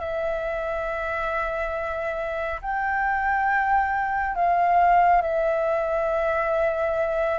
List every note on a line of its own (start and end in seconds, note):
0.00 2.61 E5
2.62 4.36 G5
4.36 5.22 F5
5.22 7.39 E5